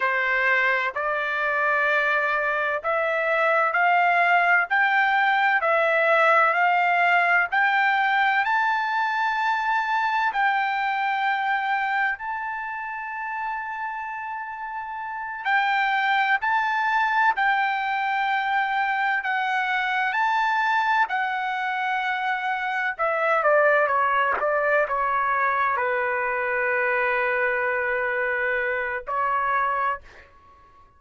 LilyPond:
\new Staff \with { instrumentName = "trumpet" } { \time 4/4 \tempo 4 = 64 c''4 d''2 e''4 | f''4 g''4 e''4 f''4 | g''4 a''2 g''4~ | g''4 a''2.~ |
a''8 g''4 a''4 g''4.~ | g''8 fis''4 a''4 fis''4.~ | fis''8 e''8 d''8 cis''8 d''8 cis''4 b'8~ | b'2. cis''4 | }